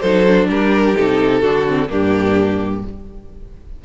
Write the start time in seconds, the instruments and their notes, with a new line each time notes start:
0.00 cello F#3, viola D#4, violin A4 C5
0.26 viola D4
0.48 cello G3, violin G4 A#4
0.96 cello C3, viola D#4, violin A4
1.41 cello D3, viola D4, violin F#4
1.67 viola C4
1.89 cello G2, viola A#3, violin D4 G4